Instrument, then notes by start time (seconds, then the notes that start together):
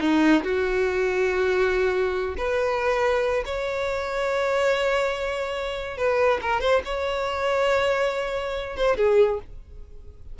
violin
0.00 D#4
0.44 F#4
2.37 B4
3.45 C#5
5.97 B4
6.42 A#4
6.61 C5
6.85 C#5
8.76 C5
8.97 G#4